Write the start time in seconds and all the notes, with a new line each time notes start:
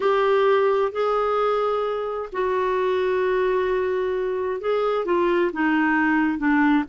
0.00 G4
0.92 G#4
2.32 F#4
4.60 G#4
5.05 F4
5.53 D#4
6.38 D4